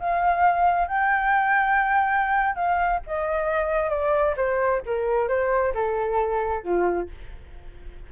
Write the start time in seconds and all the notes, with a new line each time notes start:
0.00 F5
0.88 G5
2.56 F5
3.07 D#5
3.90 D5
4.37 C5
4.86 A#4
5.29 C5
5.75 A4
6.64 F4